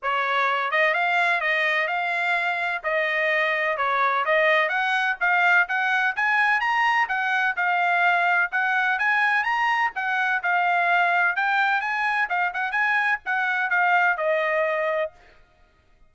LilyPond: \new Staff \with { instrumentName = "trumpet" } { \time 4/4 \tempo 4 = 127 cis''4. dis''8 f''4 dis''4 | f''2 dis''2 | cis''4 dis''4 fis''4 f''4 | fis''4 gis''4 ais''4 fis''4 |
f''2 fis''4 gis''4 | ais''4 fis''4 f''2 | g''4 gis''4 f''8 fis''8 gis''4 | fis''4 f''4 dis''2 | }